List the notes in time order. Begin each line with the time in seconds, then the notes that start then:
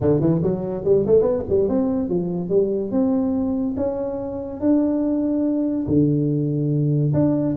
0.00 D3
0.20 E3
0.43 F#3
0.84 G3
1.06 A3
1.21 B3
1.49 G3
1.68 C4
2.08 F3
2.49 G3
2.91 C4
3.76 C#4
4.60 D4
5.87 D3
7.13 D4